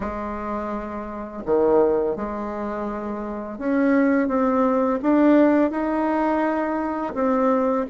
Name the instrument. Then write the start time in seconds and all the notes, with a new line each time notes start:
bassoon
0.00 G#3
1.45 D#3
2.16 G#3
3.58 C#4
4.28 C4
5.02 D4
5.70 D#4
7.14 C4